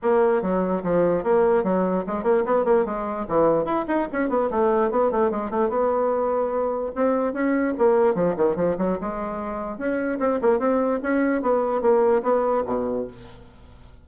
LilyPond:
\new Staff \with { instrumentName = "bassoon" } { \time 4/4 \tempo 4 = 147 ais4 fis4 f4 ais4 | fis4 gis8 ais8 b8 ais8 gis4 | e4 e'8 dis'8 cis'8 b8 a4 | b8 a8 gis8 a8 b2~ |
b4 c'4 cis'4 ais4 | f8 dis8 f8 fis8 gis2 | cis'4 c'8 ais8 c'4 cis'4 | b4 ais4 b4 b,4 | }